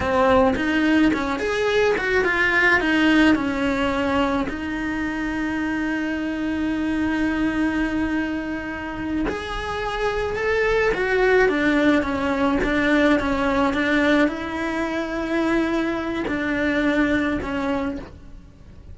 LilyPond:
\new Staff \with { instrumentName = "cello" } { \time 4/4 \tempo 4 = 107 c'4 dis'4 cis'8 gis'4 fis'8 | f'4 dis'4 cis'2 | dis'1~ | dis'1~ |
dis'8 gis'2 a'4 fis'8~ | fis'8 d'4 cis'4 d'4 cis'8~ | cis'8 d'4 e'2~ e'8~ | e'4 d'2 cis'4 | }